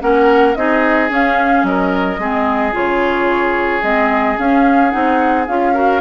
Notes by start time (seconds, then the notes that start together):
0.00 A#3 C#4 A#4 F#5
0.55 C4 D#4 G#4 D#5
1.10 C#4 F5
1.63 F#3 A#4 D#5
2.19 G#3 C4 G#4
2.72 C#3 F4 C#5
3.83 G#3 C4 D#5
4.37 C#4 F5
4.91 C4 D#4 F#5
5.47 C#4 F4 F5
5.74 F#4 A#4